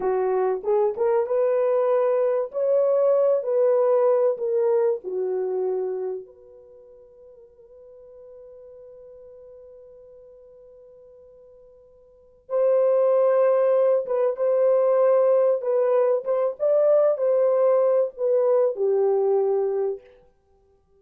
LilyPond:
\new Staff \with { instrumentName = "horn" } { \time 4/4 \tempo 4 = 96 fis'4 gis'8 ais'8 b'2 | cis''4. b'4. ais'4 | fis'2 b'2~ | b'1~ |
b'1 | c''2~ c''8 b'8 c''4~ | c''4 b'4 c''8 d''4 c''8~ | c''4 b'4 g'2 | }